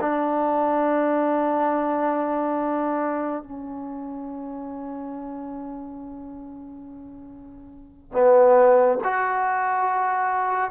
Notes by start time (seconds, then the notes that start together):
0.00 D4
3.43 C#4
8.12 B3
9.04 F#4